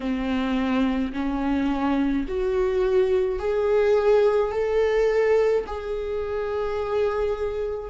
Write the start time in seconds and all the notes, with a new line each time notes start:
0.00 C4
1.12 C#4
2.27 F#4
3.39 G#4
4.51 A4
5.66 G#4